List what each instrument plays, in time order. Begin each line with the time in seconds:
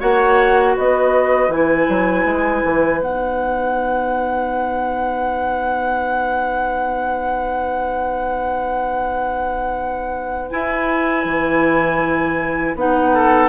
0.00 bassoon A#3, clarinet F#4, oboe C#5, flute F#5
0.75 bassoon B3, oboe B4, flute D#5
1.49 bassoon E3, clarinet E4, flute G#5
1.89 bassoon F#3
2.25 bassoon G#3
2.65 bassoon E3
3.01 bassoon B3, clarinet D#4, flute F#5
10.51 clarinet E4, bassoon E4, flute G#5
11.25 bassoon E3
12.75 bassoon B3, clarinet D#4, flute F#5
13.15 oboe A4